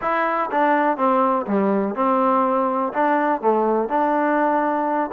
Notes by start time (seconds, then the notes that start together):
0.01 E4
0.51 D4
0.97 C4
1.46 G3
1.95 C4
2.93 D4
3.41 A3
3.88 D4